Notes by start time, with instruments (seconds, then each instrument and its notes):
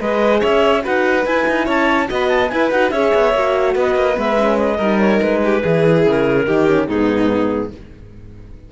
0.00 cello G#3, horn G#4, violin B4, clarinet D#5
0.40 cello C#4, violin C#5, clarinet E5
0.82 cello D#4, horn F#4, violin B4, clarinet F#5
1.25 cello E4, horn E4, clarinet G#5
1.47 cello D#4
1.65 cello C#4, violin C#5, clarinet A5
2.07 cello B3, horn F#4, violin D#5, clarinet B5
2.28 clarinet A5
2.48 horn E4, cello E4, violin B4, clarinet G#5
2.70 cello D#4, horn F#4, clarinet F#5
2.90 cello C#4, horn G#4, violin C#5, clarinet E5
3.14 cello B3
3.33 cello A#3, horn F#4
3.74 cello B3, violin B4, clarinet D#5
3.95 cello A#3
4.14 cello G#3, horn B3, clarinet E5
4.36 horn C#4
4.58 clarinet D#5
4.76 cello G3, horn D#4, violin A#4
5.00 clarinet C#5
5.21 cello G#3, clarinet B4
5.44 violin G4
5.60 cello E3, horn E4, violin G#4
6.06 cello C#3, clarinet A#4
6.46 cello D#3, horn D#4, violin G4
6.67 horn C#4
6.87 cello G#2, horn B3, violin D#4, clarinet G#4